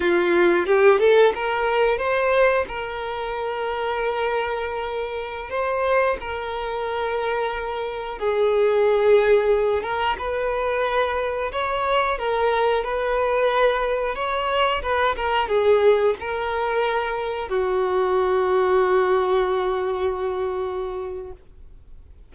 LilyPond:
\new Staff \with { instrumentName = "violin" } { \time 4/4 \tempo 4 = 90 f'4 g'8 a'8 ais'4 c''4 | ais'1~ | ais'16 c''4 ais'2~ ais'8.~ | ais'16 gis'2~ gis'8 ais'8 b'8.~ |
b'4~ b'16 cis''4 ais'4 b'8.~ | b'4~ b'16 cis''4 b'8 ais'8 gis'8.~ | gis'16 ais'2 fis'4.~ fis'16~ | fis'1 | }